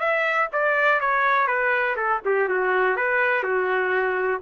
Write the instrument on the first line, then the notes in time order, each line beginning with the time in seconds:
trumpet
0.00 E5
0.53 D5
1.01 C#5
1.47 B4
1.97 A4
2.26 G4
2.49 F#4
2.97 B4
3.44 F#4